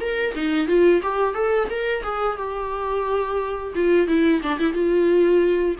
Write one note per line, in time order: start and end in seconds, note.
0.00 0.34 A#4
0.35 0.67 D#4
0.67 1.01 F4
1.02 1.34 G4
1.34 1.68 A4
1.70 2.03 A#4
2.03 2.37 G#4
2.37 3.73 G4
3.75 4.07 F4
4.07 4.41 E4
4.42 4.59 D4
4.59 4.73 E4
4.73 5.75 F4